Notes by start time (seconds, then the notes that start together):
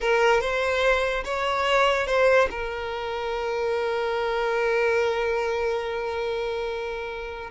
0.01 A#4
0.40 C5
1.24 C#5
2.06 C5
2.50 A#4